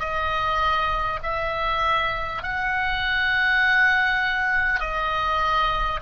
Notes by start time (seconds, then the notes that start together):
0.00 D#5
1.23 E5
2.43 F#5
4.81 D#5